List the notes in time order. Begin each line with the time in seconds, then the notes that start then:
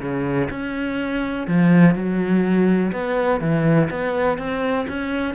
0.00 C#3
0.51 C#4
1.48 F3
1.95 F#3
2.92 B3
3.41 E3
3.90 B3
4.38 C4
4.88 C#4